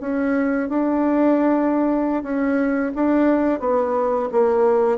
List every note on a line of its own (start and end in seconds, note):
0.00 0.69 C#4
0.69 2.23 D4
2.23 2.92 C#4
2.95 3.60 D4
3.60 4.29 B3
4.31 4.98 A#3